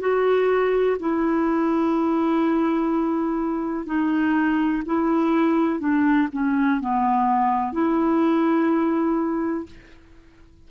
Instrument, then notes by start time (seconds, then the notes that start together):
clarinet
0.00 F#4
0.99 E4
3.86 D#4
4.86 E4
5.79 D4
6.32 C#4
6.80 B3
7.72 E4